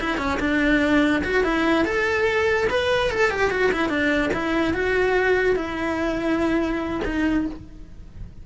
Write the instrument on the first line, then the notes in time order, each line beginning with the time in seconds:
cello
0.00 E4
0.18 C#4
0.40 D4
1.24 F#4
1.44 E4
1.85 A4
2.70 B4
3.11 A4
3.31 G4
3.50 F#4
3.72 E4
3.89 D4
4.34 E4
4.74 F#4
5.56 E4
7.05 D#4